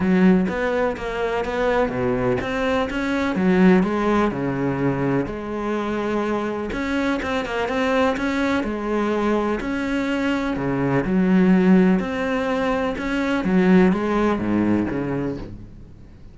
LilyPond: \new Staff \with { instrumentName = "cello" } { \time 4/4 \tempo 4 = 125 fis4 b4 ais4 b4 | b,4 c'4 cis'4 fis4 | gis4 cis2 gis4~ | gis2 cis'4 c'8 ais8 |
c'4 cis'4 gis2 | cis'2 cis4 fis4~ | fis4 c'2 cis'4 | fis4 gis4 gis,4 cis4 | }